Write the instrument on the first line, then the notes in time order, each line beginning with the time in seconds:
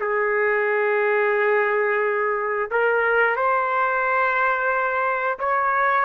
trumpet
0.00 G#4
2.71 A#4
3.36 C5
5.39 C#5